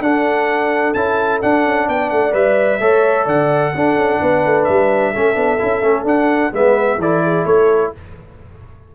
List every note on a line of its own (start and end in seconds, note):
0.00 0.93 D4
0.00 0.94 D4
0.00 1.89 A4
0.00 0.93 F#5
0.93 1.41 C#4
0.93 1.41 E4
0.93 1.40 A5
1.41 2.31 D4
1.41 1.65 D4
1.41 1.88 F#5
1.65 1.88 C#4
1.88 2.11 B3
1.88 2.80 D5
1.88 2.10 G5
2.10 2.33 A3
2.10 2.33 F#5
2.31 2.80 G3
2.31 2.78 B4
2.31 3.27 E5
2.80 3.26 A3
2.80 3.73 A4
2.80 3.25 C#5
3.25 3.72 D3
3.25 3.71 D5
3.25 4.64 F#5
3.74 3.95 D4
3.74 5.14 D4
3.74 4.21 A4
3.95 4.19 C#4
4.21 4.45 B3
4.21 5.12 B4
4.45 4.68 A3
4.64 5.15 G3
4.64 6.03 E5
5.12 5.35 A3
5.12 5.34 C#4
5.12 6.52 A4
5.34 5.59 B3
5.34 5.57 D4
5.58 5.81 C#4
5.58 5.82 E4
5.81 6.03 A3
5.81 6.05 C#4
6.03 6.50 D4
6.03 6.52 D4
6.03 6.53 F#5
6.52 6.97 G#3
6.52 6.99 B3
6.52 6.99 B4
6.52 7.01 E5
6.97 7.44 E3
6.97 7.95 E4
6.97 7.22 A4
6.97 7.45 D5
7.22 7.46 G#4
7.45 7.92 A3
7.45 7.92 A4
7.45 7.92 C#5